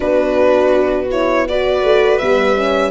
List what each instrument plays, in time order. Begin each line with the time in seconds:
0.00 tuba B3, horn D4, viola F#4, violin B4
1.11 horn E4, violin C#5
1.48 horn F#4, viola B4, violin D5
1.82 tuba A3
2.18 tuba G3, horn B3, violin E5
2.55 horn C#4